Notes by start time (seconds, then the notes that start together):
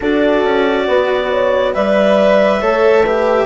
0.00 D4 F#4 A4 D5
0.43 C#4
0.87 B3 B4
1.30 C#5
1.74 G3 B4 D5 E5
2.60 A3 A4 C#5
3.02 G4 B4